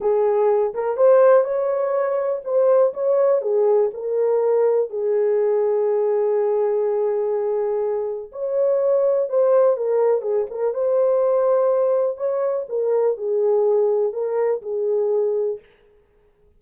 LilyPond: \new Staff \with { instrumentName = "horn" } { \time 4/4 \tempo 4 = 123 gis'4. ais'8 c''4 cis''4~ | cis''4 c''4 cis''4 gis'4 | ais'2 gis'2~ | gis'1~ |
gis'4 cis''2 c''4 | ais'4 gis'8 ais'8 c''2~ | c''4 cis''4 ais'4 gis'4~ | gis'4 ais'4 gis'2 | }